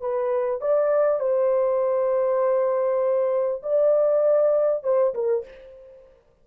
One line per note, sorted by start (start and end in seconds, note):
0.00 0.61 B4
0.61 1.20 D5
1.20 3.62 C5
3.62 4.83 D5
4.83 5.13 C5
5.14 5.44 A#4